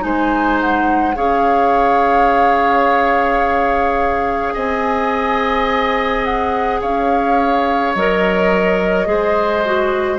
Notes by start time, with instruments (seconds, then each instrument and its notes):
0.00 bassoon G#3, clarinet D#4, oboe C5, flute G#5
0.60 flute F#5
1.15 bassoon C#4, clarinet G#4, oboe C#5, flute F5
4.54 bassoon C4, oboe D#5, flute G#5
6.24 flute F#5
6.81 bassoon C#4, oboe C#5, flute F5
7.93 bassoon F#3, clarinet A#4, flute D#5
9.06 bassoon G#3, clarinet G#4, oboe C5
9.65 clarinet F#4